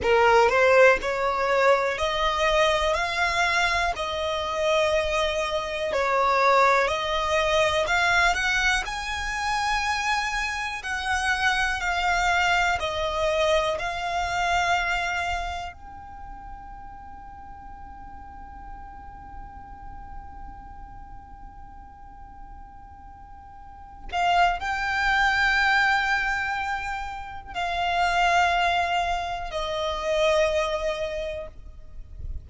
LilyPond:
\new Staff \with { instrumentName = "violin" } { \time 4/4 \tempo 4 = 61 ais'8 c''8 cis''4 dis''4 f''4 | dis''2 cis''4 dis''4 | f''8 fis''8 gis''2 fis''4 | f''4 dis''4 f''2 |
g''1~ | g''1~ | g''8 f''8 g''2. | f''2 dis''2 | }